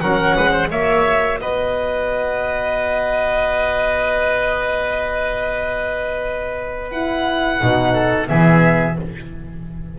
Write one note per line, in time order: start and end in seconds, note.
0.00 0.36 F#3
0.00 0.71 C#4
0.00 0.36 A#4
0.00 0.69 F#5
0.36 0.71 G#3
0.36 0.50 B4
0.50 0.67 C5
0.71 1.40 A#3
0.71 6.92 F#4
0.71 1.40 C#5
0.71 1.40 E5
1.40 7.61 B3
1.40 7.93 B4
1.40 6.90 D#5
6.90 7.61 E4
6.90 8.28 F#5
7.61 8.30 B2
7.61 8.27 D#4
7.93 8.27 A4
8.27 8.99 E3
8.27 8.96 B3
8.27 8.98 G#4
8.27 8.97 E5